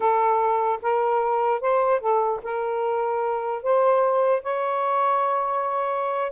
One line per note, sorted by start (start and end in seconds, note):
0.00 0.79 A4
0.82 1.60 A#4
1.60 2.00 C5
2.00 2.40 A4
2.42 3.63 A#4
3.63 4.42 C5
4.42 6.31 C#5